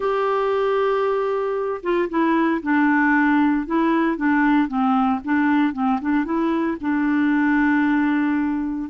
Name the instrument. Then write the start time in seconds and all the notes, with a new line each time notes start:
clarinet
0.00 G4
1.83 F4
2.09 E4
2.62 D4
3.66 E4
4.16 D4
4.67 C4
5.24 D4
5.73 C4
6.01 D4
6.24 E4
6.80 D4